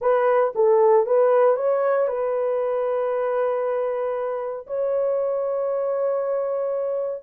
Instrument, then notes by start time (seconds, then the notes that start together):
horn
0.01 B4
0.55 A4
1.06 B4
1.56 C#5
2.07 B4
4.66 C#5